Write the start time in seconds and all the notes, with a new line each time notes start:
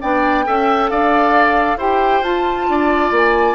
0.00 B3 D4 D5 G5
0.45 C#4 A4 E5
0.89 D4 D5 F5
1.77 E4 G4 C5 G5
2.21 F4 A5
2.68 D4 D5
3.10 A#3 G#5